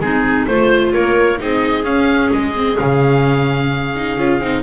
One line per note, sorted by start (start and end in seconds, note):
0.00 0.46 G#3
0.00 0.49 C4
0.00 0.48 D#4
0.00 0.47 G#4
0.47 0.94 A3
0.47 1.38 F4
0.47 0.93 C5
0.47 0.94 C5
0.93 1.41 A#3
0.93 1.40 A#4
0.93 1.39 C#5
1.38 1.84 C4
1.38 1.84 D#4
1.38 4.63 G#4
1.38 1.85 D#5
1.84 2.30 C#4
1.84 2.54 C#4
1.84 2.31 F5
2.33 2.79 G#3
2.33 2.78 D#5
2.56 2.76 C4
2.76 4.18 C#3
2.76 3.92 C#4
2.76 4.63 F5
3.96 4.19 D#4
4.18 4.41 C#4
4.18 4.41 F4
4.41 4.63 C4
4.41 4.63 D#4